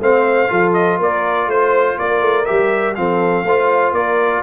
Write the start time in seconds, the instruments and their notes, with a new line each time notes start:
0.00 tuba A3, trombone C4, horn C5, trumpet F5
0.48 tuba F3, trombone F4, horn A4
0.73 trumpet D#5
0.99 tuba A#3, horn A#4, trumpet D5
1.46 tuba A3, trumpet C5, horn C5
1.98 tuba A#3, horn A#4, trumpet D5
2.20 tuba A3
2.45 tuba G3, trombone G4, trumpet E5
2.95 tuba F3, trombone C4, horn A4, trumpet F5
3.43 tuba A3, trombone F4, horn C5
3.92 tuba A#3, horn A#4, trumpet D5